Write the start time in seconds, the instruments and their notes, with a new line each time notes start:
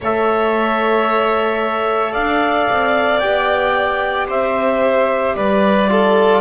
0.00 double bass A3, trombone A4, violin C#5, clarinet E5
2.12 double bass D4, violin D5, clarinet F5
2.69 double bass C4
3.19 double bass B3, trombone G4, clarinet G5
4.28 double bass C4, violin C5, clarinet E5
5.35 double bass G3, violin B4, clarinet D5
5.88 trombone F4, violin A4